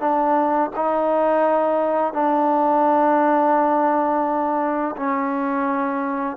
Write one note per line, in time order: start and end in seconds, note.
0.00 0.71 D4
0.76 2.13 D#4
2.13 4.96 D4
4.96 6.37 C#4